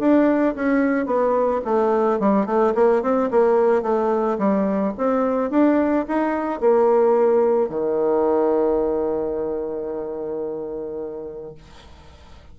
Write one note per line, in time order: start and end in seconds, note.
0.00 0.55 D4
0.56 1.06 C#4
1.06 1.61 B3
1.65 2.20 A3
2.20 2.46 G3
2.46 2.74 A3
2.75 3.03 A#3
3.03 3.31 C4
3.31 3.83 A#3
3.83 4.38 A3
4.39 4.94 G3
4.98 5.51 C4
5.51 6.06 D4
6.09 6.61 D#4
6.61 7.69 A#3
7.69 11.55 D#3